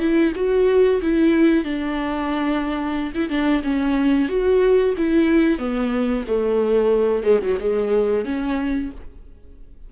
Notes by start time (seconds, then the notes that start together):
0.00 E4
0.36 F#4
1.02 E4
1.65 D4
3.15 E4
3.30 D4
3.64 C#4
4.29 F#4
4.98 E4
5.59 B3
6.28 A3
7.23 G#3
7.43 F#3
7.60 G#3
8.25 C#4